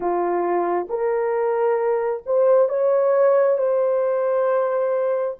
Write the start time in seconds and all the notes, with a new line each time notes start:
0.00 F4
0.89 A#4
2.26 C5
2.68 C#5
3.58 C5